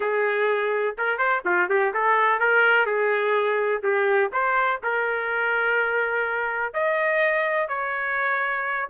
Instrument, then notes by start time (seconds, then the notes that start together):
trumpet
0.00 G#4
0.98 A#4
1.18 C5
1.45 F4
1.69 G4
1.93 A4
2.39 A#4
2.85 G#4
3.82 G4
4.32 C5
4.83 A#4
6.73 D#5
7.68 C#5